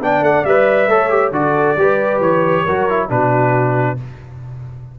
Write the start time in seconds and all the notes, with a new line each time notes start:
0.00 B3 D4 D5 G5
0.21 A3 F#5
0.45 G3 B4 E5
0.87 A3 A4 C#5
1.10 G4
1.31 D3 F#4 A4 D5
1.76 G3 G4 B4
2.20 E3 C#5
2.65 F#3 F#4 A#4
2.90 E4
3.09 B2 D4 F#4 B4